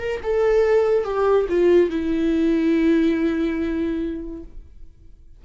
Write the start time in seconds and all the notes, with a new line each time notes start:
0.00 A#4
0.23 A4
1.04 G4
1.49 F4
1.91 E4